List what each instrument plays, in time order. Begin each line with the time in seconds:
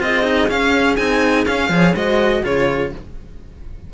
0.00 cello C4 F4, horn G#4, violin D#5
0.23 cello D#4
0.48 cello C#4, violin F5
0.96 cello C4 D#4, violin G#5
1.46 cello C#4, violin F5
1.69 cello F3 G#4, horn C#5
1.95 cello G#3 F#4, horn C5, violin D#5
2.43 cello C#3 F4, horn G#4, violin C#5